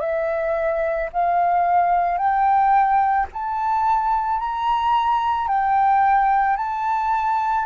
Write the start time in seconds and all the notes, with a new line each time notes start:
0.00 E5
1.13 F5
2.17 G5
3.33 A5
4.39 A#5
5.47 G5
6.57 A5